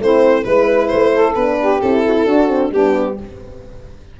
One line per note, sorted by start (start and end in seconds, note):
0.00 0.45 A3
0.00 0.45 C4
0.00 0.45 E4
0.00 0.44 C5
0.44 0.92 G#3
0.44 1.36 E4
0.44 0.87 B4
0.44 1.13 B4
0.87 1.36 A3
0.87 1.33 C5
1.13 1.59 A4
1.35 1.81 B3
1.35 1.83 D4
1.35 1.81 B4
1.60 2.05 G4
1.81 2.26 C4
1.81 2.29 E4
1.81 2.71 A4
2.06 2.16 F#4
2.16 2.25 E4
2.25 2.71 D4
2.25 2.48 D4
2.25 2.71 F#4
2.48 2.70 C4
2.71 3.17 G3
2.71 3.20 B3
2.71 3.17 D4
2.71 3.19 G4